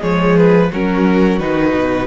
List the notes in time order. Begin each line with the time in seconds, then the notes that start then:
0.00 F3 G#3 G#4 C#5
0.37 B4
0.72 F#3 C#4 F#4 A#4
1.39 D#3 D#4 B4
1.75 B2